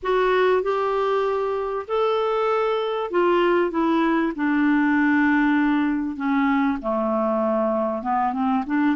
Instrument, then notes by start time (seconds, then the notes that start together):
clarinet
0.03 F#4
0.62 G4
1.87 A4
3.10 F4
3.70 E4
4.35 D4
6.16 C#4
6.81 A3
8.02 B3
8.33 C4
8.66 D4